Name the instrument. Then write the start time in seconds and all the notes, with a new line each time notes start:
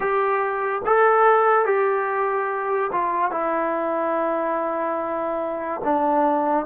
trombone
0.00 G4
0.85 A4
1.65 G4
2.92 F4
3.31 E4
5.83 D4